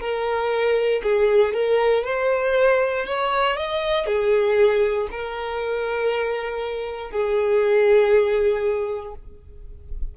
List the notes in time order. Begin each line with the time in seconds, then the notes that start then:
0.00 A#4
1.03 G#4
1.53 A#4
2.04 C5
3.05 C#5
3.56 D#5
4.06 G#4
5.11 A#4
7.10 G#4